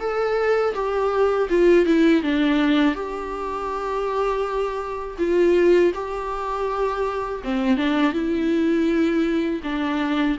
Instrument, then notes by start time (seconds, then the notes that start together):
viola
0.00 A4
0.74 G4
1.50 F4
1.86 E4
2.23 D4
2.95 G4
5.19 F4
5.94 G4
7.44 C4
7.77 D4
8.13 E4
9.64 D4